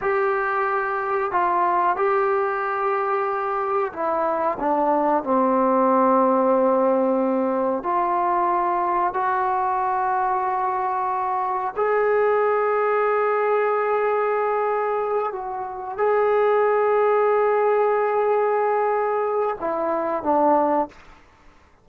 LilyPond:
\new Staff \with { instrumentName = "trombone" } { \time 4/4 \tempo 4 = 92 g'2 f'4 g'4~ | g'2 e'4 d'4 | c'1 | f'2 fis'2~ |
fis'2 gis'2~ | gis'2.~ gis'8 fis'8~ | fis'8 gis'2.~ gis'8~ | gis'2 e'4 d'4 | }